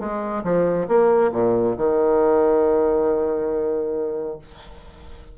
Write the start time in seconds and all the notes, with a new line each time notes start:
0.00 G#3
0.44 F3
0.88 A#3
1.32 A#2
1.77 D#3